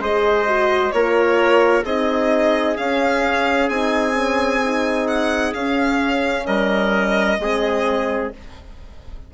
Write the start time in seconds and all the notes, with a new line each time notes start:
0.00 G#3 G#4 C5 D#5
0.47 F#4
0.92 A#3 F4 A#4 C#5
1.85 C4 D#4 G#4 D#5
2.77 C#4 F5
3.69 C4 D#4 G#5
4.14 C#4
4.64 D#4
5.08 F#5
5.54 C#4 F5
6.47 G3 A#4 D#5
7.39 G#3 C4 G#4